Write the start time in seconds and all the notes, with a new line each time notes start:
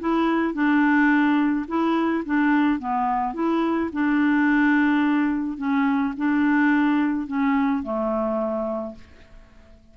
0.00 E4
0.54 D4
1.68 E4
2.26 D4
2.79 B3
3.34 E4
3.93 D4
5.58 C#4
6.17 D4
7.27 C#4
7.83 A3